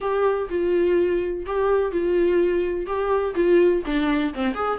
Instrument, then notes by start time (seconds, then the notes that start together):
viola
0.00 G4
0.49 F4
1.46 G4
1.91 F4
2.86 G4
3.34 F4
3.85 D4
4.33 C4
4.54 G#4